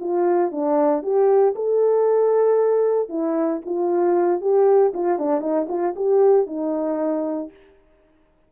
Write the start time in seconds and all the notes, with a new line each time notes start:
0.00 F4
0.51 D4
1.03 G4
1.56 A4
3.09 E4
3.66 F4
4.41 G4
4.94 F4
5.19 D4
5.41 D#4
5.68 F4
5.96 G4
6.47 D#4